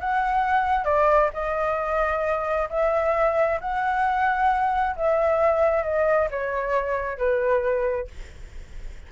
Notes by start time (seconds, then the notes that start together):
0.00 F#5
0.84 D5
1.33 D#5
2.69 E5
3.60 F#5
4.96 E5
5.83 D#5
6.30 C#5
7.17 B4